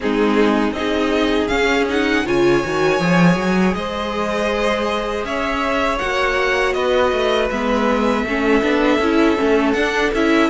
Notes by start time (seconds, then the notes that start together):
0.00 G#3 C4 D#4 G#4
0.71 C4 D#4 D#5
0.78 G#4
1.47 C#4 F5
1.88 D#4 F#5
2.25 C#3 F4 C#5 G#5
2.63 D#3 F#4
2.99 F3 G#4
3.36 F#3
3.73 G#3 C5 D#5
5.23 C#4 C#5 E5
5.98 A#3 F#4 F#5
6.73 B3 B4 D#5
7.12 A3
7.50 G#3 B3 E5
8.24 A3 C#4 A4
8.62 B3 D4
8.98 C#4 E4
9.37 A3 C#4
9.72 D4 F#5
10.13 C#4 E4 E5